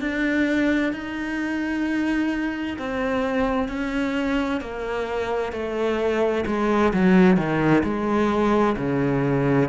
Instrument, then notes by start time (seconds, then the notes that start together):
cello
0.00 D4
0.92 D#4
2.78 C4
3.68 C#4
4.61 A#3
5.52 A3
6.46 G#3
6.93 F#3
7.36 D#3
7.83 G#3
8.77 C#3